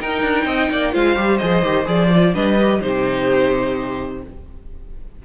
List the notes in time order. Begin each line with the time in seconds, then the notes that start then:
0.00 D#4 A#4 G5
0.22 D4
0.45 C4 D#5
0.71 A#3 D5
0.92 G#3 F4 C5 F5
1.16 G3 G4
1.38 F3 G#4 D#5
1.63 D#3 G4
1.85 F3 G#4 D5
2.16 F4
2.34 G3 D4 B4 D#5
2.61 G4
2.81 C3 D#4 G4 C5